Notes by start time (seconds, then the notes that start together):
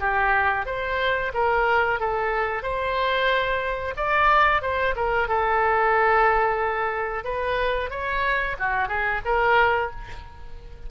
0.00 G4
0.66 C5
1.34 A#4
2.00 A4
2.63 C5
3.97 D5
4.62 C5
4.96 A#4
5.28 A4
7.24 B4
7.90 C#5
8.59 F#4
8.89 G#4
9.25 A#4